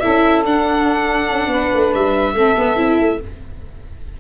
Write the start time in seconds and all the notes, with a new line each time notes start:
0.00 E4 A4 E5
0.06 C#4
0.45 D4 F#5
1.29 C#4
1.47 B3 B4
1.74 A3
1.94 G3 E5
2.34 A3 C4 A4
2.57 B3
2.76 C4 E4
2.99 A3